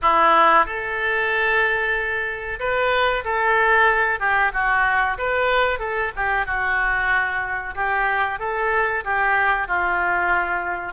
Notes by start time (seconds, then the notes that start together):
0.02 E4
0.65 A4
2.59 B4
3.24 A4
4.19 G4
4.53 F#4
5.18 B4
5.79 A4
6.16 G4
6.45 F#4
7.75 G4
8.39 A4
9.04 G4
9.67 F4